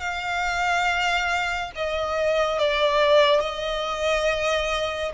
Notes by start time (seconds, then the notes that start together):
0.00 F5
1.75 D#5
2.58 D5
3.41 D#5